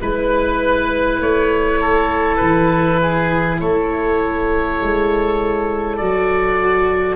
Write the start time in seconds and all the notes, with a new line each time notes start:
0.00 G#3 E4 B4
1.19 A3 C#5
1.80 A4
2.36 E3 B4
3.01 G#4
3.60 A3 A4 C#5
4.81 G#3
5.97 F#3 F#4 D5